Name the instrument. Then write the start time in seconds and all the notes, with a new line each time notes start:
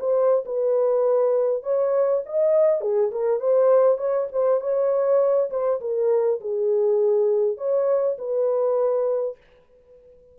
horn
0.00 C5
0.46 B4
1.63 C#5
2.26 D#5
2.81 G#4
3.12 A#4
3.40 C5
3.98 C#5
4.33 C5
4.61 C#5
5.51 C5
5.81 A#4
6.41 G#4
7.58 C#5
8.19 B4